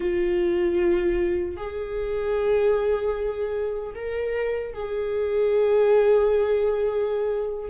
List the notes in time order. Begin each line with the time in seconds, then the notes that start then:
0.00 F4
1.56 G#4
3.94 A#4
4.73 G#4